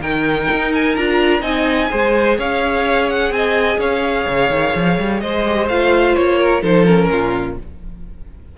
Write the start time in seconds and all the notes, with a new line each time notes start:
0.00 D#3 D#4 A#4 G5
0.51 D#4
0.74 G#5
0.96 D4 F4 A#5
1.41 C4 D#4 D#5 G#5
1.89 G#3 G#4 C5
2.37 C#4 C#5 F5
3.09 F#5
3.30 C4 D#5 G#5
3.78 C#4 C#5 F5
4.27 C#3
4.50 D#3
4.75 F3
4.99 G3
5.20 G#3 C5 D#5
5.45 G4
5.68 A3 F4 F5
6.15 A#3 C#5
6.38 A#4
6.62 F3 D#4 A4 C5
6.85 C#4 A#4
7.10 A#2 F4